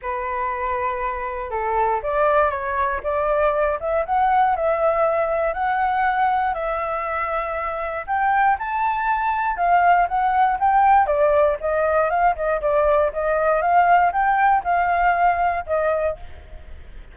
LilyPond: \new Staff \with { instrumentName = "flute" } { \time 4/4 \tempo 4 = 119 b'2. a'4 | d''4 cis''4 d''4. e''8 | fis''4 e''2 fis''4~ | fis''4 e''2. |
g''4 a''2 f''4 | fis''4 g''4 d''4 dis''4 | f''8 dis''8 d''4 dis''4 f''4 | g''4 f''2 dis''4 | }